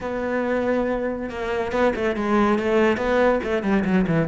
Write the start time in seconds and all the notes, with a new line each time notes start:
0.01 B3
1.29 A#3
1.71 B3
1.95 A3
2.15 G#3
2.59 A3
2.97 B3
3.43 A3
3.62 G3
3.84 F#3
4.07 E3